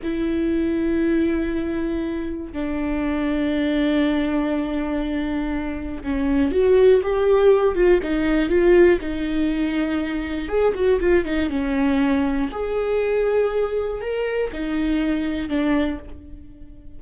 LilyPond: \new Staff \with { instrumentName = "viola" } { \time 4/4 \tempo 4 = 120 e'1~ | e'4 d'2.~ | d'1 | cis'4 fis'4 g'4. f'8 |
dis'4 f'4 dis'2~ | dis'4 gis'8 fis'8 f'8 dis'8 cis'4~ | cis'4 gis'2. | ais'4 dis'2 d'4 | }